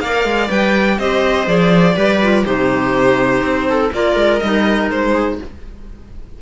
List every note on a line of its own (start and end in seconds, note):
0.00 0.24 A#3
0.00 0.48 A#4
0.00 0.98 D5
0.00 0.49 F5
0.24 0.49 G#3
0.48 0.98 G3
0.48 0.97 B4
0.48 0.99 G5
0.98 1.47 C4
0.98 1.45 G4
0.98 1.96 C5
0.98 1.47 D#5
1.45 1.95 F3
1.45 1.94 G#4
1.45 2.44 D5
1.95 2.45 G3
1.95 2.19 G4
1.95 2.44 B4
2.22 2.45 F4
2.44 3.41 C3
2.44 3.91 D#4
2.44 3.66 G4
2.44 3.91 C5
3.41 3.90 C4
3.69 3.93 A4
3.92 4.15 A#3
3.92 4.40 F4
3.92 5.13 A#4
3.92 4.39 D5
4.15 4.39 G#3
4.39 4.90 G3
4.39 5.41 D#4
4.39 4.88 D#5
4.90 5.38 G#3
4.90 5.39 C5
5.13 5.37 G#4